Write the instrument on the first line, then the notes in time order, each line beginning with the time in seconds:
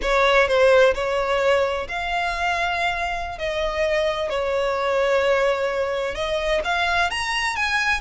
violin
0.02 C#5
0.47 C5
0.94 C#5
1.88 F5
3.38 D#5
4.29 C#5
6.14 D#5
6.64 F5
7.10 A#5
7.56 G#5